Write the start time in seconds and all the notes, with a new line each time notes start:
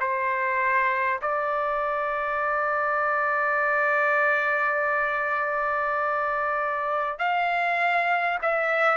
0.00 C5
1.22 D5
7.18 F5
8.42 E5